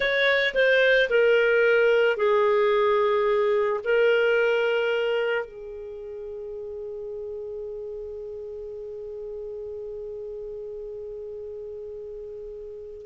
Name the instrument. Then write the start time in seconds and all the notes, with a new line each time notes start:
clarinet
0.00 C#5
0.54 C5
1.09 A#4
2.16 G#4
3.84 A#4
5.45 G#4